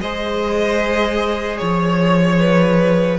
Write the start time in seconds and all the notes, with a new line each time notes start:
0.00 G#3 G#4 C5 D#5
1.58 F3 C#5
2.40 B4